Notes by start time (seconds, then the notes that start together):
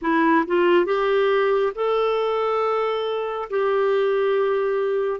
0.01 E4
0.46 F4
0.85 G4
1.75 A4
3.49 G4